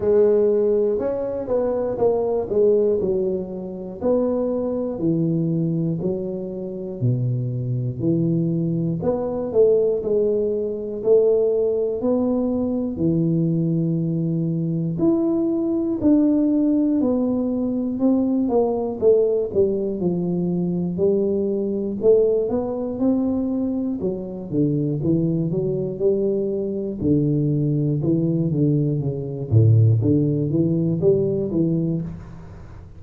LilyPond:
\new Staff \with { instrumentName = "tuba" } { \time 4/4 \tempo 4 = 60 gis4 cis'8 b8 ais8 gis8 fis4 | b4 e4 fis4 b,4 | e4 b8 a8 gis4 a4 | b4 e2 e'4 |
d'4 b4 c'8 ais8 a8 g8 | f4 g4 a8 b8 c'4 | fis8 d8 e8 fis8 g4 d4 | e8 d8 cis8 a,8 d8 e8 g8 e8 | }